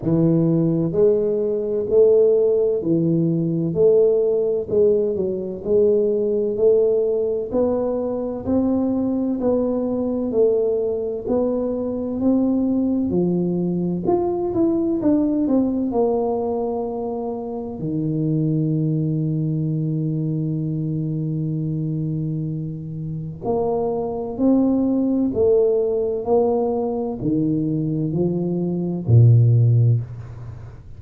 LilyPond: \new Staff \with { instrumentName = "tuba" } { \time 4/4 \tempo 4 = 64 e4 gis4 a4 e4 | a4 gis8 fis8 gis4 a4 | b4 c'4 b4 a4 | b4 c'4 f4 f'8 e'8 |
d'8 c'8 ais2 dis4~ | dis1~ | dis4 ais4 c'4 a4 | ais4 dis4 f4 ais,4 | }